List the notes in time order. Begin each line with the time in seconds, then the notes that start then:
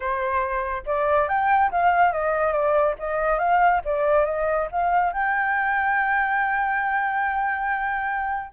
0.00 C5
0.85 D5
1.28 G5
1.71 F5
2.12 D#5
2.52 D5
2.98 D#5
3.38 F5
3.84 D5
4.25 D#5
4.71 F5
5.12 G5